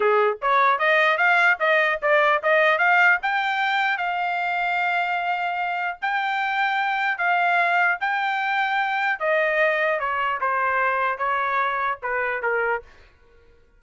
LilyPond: \new Staff \with { instrumentName = "trumpet" } { \time 4/4 \tempo 4 = 150 gis'4 cis''4 dis''4 f''4 | dis''4 d''4 dis''4 f''4 | g''2 f''2~ | f''2. g''4~ |
g''2 f''2 | g''2. dis''4~ | dis''4 cis''4 c''2 | cis''2 b'4 ais'4 | }